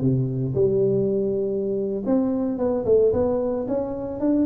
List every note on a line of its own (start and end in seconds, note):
0.00 0.54 C3
0.54 2.03 G3
2.06 2.58 C4
2.58 2.85 B3
2.85 3.12 A3
3.13 3.67 B3
3.68 4.20 C#4
4.20 4.46 D4